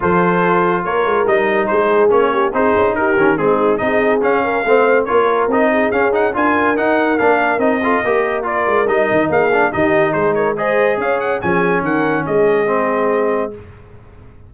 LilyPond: <<
  \new Staff \with { instrumentName = "trumpet" } { \time 4/4 \tempo 4 = 142 c''2 cis''4 dis''4 | c''4 cis''4 c''4 ais'4 | gis'4 dis''4 f''2 | cis''4 dis''4 f''8 fis''8 gis''4 |
fis''4 f''4 dis''2 | d''4 dis''4 f''4 dis''4 | c''8 cis''8 dis''4 f''8 fis''8 gis''4 | fis''4 dis''2. | }
  \new Staff \with { instrumentName = "horn" } { \time 4/4 a'2 ais'2 | gis'4. g'8 gis'4 g'4 | dis'4 gis'4. ais'8 c''4 | ais'4. gis'4. ais'4~ |
ais'2~ ais'8 a'8 ais'4~ | ais'2 gis'4 g'4 | gis'8 ais'8 c''4 cis''4 gis'4 | ais'4 gis'2. | }
  \new Staff \with { instrumentName = "trombone" } { \time 4/4 f'2. dis'4~ | dis'4 cis'4 dis'4. cis'8 | c'4 dis'4 cis'4 c'4 | f'4 dis'4 cis'8 dis'8 f'4 |
dis'4 d'4 dis'8 f'8 g'4 | f'4 dis'4. d'8 dis'4~ | dis'4 gis'2 cis'4~ | cis'2 c'2 | }
  \new Staff \with { instrumentName = "tuba" } { \time 4/4 f2 ais8 gis8 g4 | gis4 ais4 c'8 cis'8 dis'8 dis8 | gis4 c'4 cis'4 a4 | ais4 c'4 cis'4 d'4 |
dis'4 ais4 c'4 ais4~ | ais8 gis8 g8 dis8 ais4 dis4 | gis2 cis'4 f4 | dis4 gis2. | }
>>